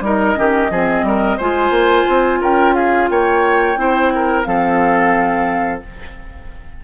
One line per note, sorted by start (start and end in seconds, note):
0.00 0.34 G3
0.00 0.35 D#4
0.00 0.38 A#4
0.00 1.38 D#5
0.35 0.70 D#3
0.35 0.69 C#4
0.35 0.71 G4
0.70 1.02 F3
0.70 1.40 C4
0.70 1.05 G#4
1.02 1.37 G3
1.02 1.37 A#4
1.37 1.70 G#3
1.37 3.77 F4
1.37 2.39 C5
1.37 2.41 G#5
1.70 2.04 A#3
2.09 2.41 C4
2.41 3.09 C#4
2.41 2.75 A#4
2.41 2.75 G5
2.75 3.09 G#4
2.75 3.09 F5
3.09 3.76 A#3
3.09 3.79 C#5
3.09 4.43 G5
3.76 4.45 C4
3.76 4.44 E4
3.76 4.13 C5
4.15 4.47 A#4
4.43 5.83 F3
4.43 5.81 C4
4.43 5.84 A4
4.43 5.80 F5